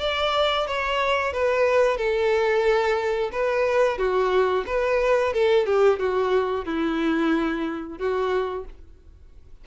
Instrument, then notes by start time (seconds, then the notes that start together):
violin
0.00 D5
0.67 C#5
1.32 B4
1.97 A4
3.32 B4
3.98 F#4
4.66 B4
5.33 A4
5.66 G4
5.99 F#4
6.65 E4
7.98 F#4